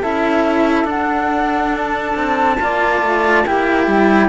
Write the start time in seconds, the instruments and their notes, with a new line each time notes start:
0.00 cello C#4 E4, saxophone A4, flute E5
0.84 cello D4, flute F#5
1.75 flute A5
2.16 cello C4
2.60 cello A#3 F4, saxophone D5
3.01 cello A3
3.45 cello A#3 E4, saxophone G4, flute G5
3.87 cello G3